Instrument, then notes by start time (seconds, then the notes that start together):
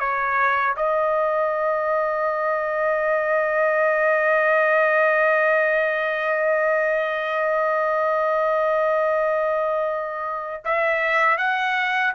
trumpet
0.00 C#5
0.77 D#5
10.65 E5
11.38 F#5